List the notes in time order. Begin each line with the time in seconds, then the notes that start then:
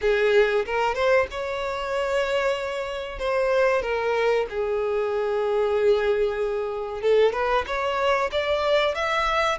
0.01 G#4
0.65 A#4
0.95 C5
1.31 C#5
3.18 C5
3.82 A#4
4.49 G#4
7.01 A4
7.32 B4
7.66 C#5
8.31 D5
8.94 E5